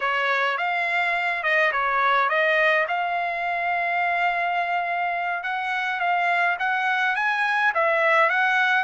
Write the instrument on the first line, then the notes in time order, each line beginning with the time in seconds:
trumpet
0.00 C#5
0.57 F5
1.43 D#5
1.72 C#5
2.29 D#5
2.88 F5
5.43 F#5
5.99 F5
6.59 F#5
7.15 G#5
7.74 E5
8.29 F#5